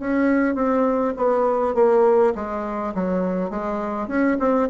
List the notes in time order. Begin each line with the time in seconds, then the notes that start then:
0.00 C#4
0.55 C4
1.17 B3
1.75 A#3
2.36 G#3
2.95 F#3
3.51 G#3
4.08 C#4
4.40 C4